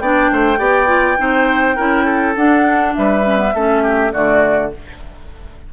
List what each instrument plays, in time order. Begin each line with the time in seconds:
0.00 bassoon B3, clarinet D4, oboe D5, flute G5
0.32 bassoon A3, oboe C5
0.58 bassoon B3, clarinet G4, oboe D5
0.87 clarinet F4
1.17 bassoon C4, clarinet D#4, oboe C5
1.76 bassoon C#4, clarinet E4, oboe A#4
2.05 oboe A4
2.36 clarinet D4, bassoon D4, flute F#5
2.95 bassoon G3, oboe B4, flute E5
3.24 clarinet C#4
3.38 clarinet B3
3.54 bassoon A3, clarinet C#4, oboe A4
3.83 oboe G4
4.12 bassoon D3, clarinet A3, oboe F#4, flute D5